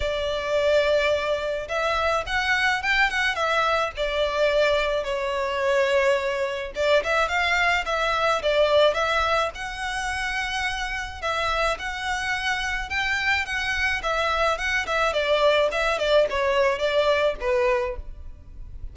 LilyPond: \new Staff \with { instrumentName = "violin" } { \time 4/4 \tempo 4 = 107 d''2. e''4 | fis''4 g''8 fis''8 e''4 d''4~ | d''4 cis''2. | d''8 e''8 f''4 e''4 d''4 |
e''4 fis''2. | e''4 fis''2 g''4 | fis''4 e''4 fis''8 e''8 d''4 | e''8 d''8 cis''4 d''4 b'4 | }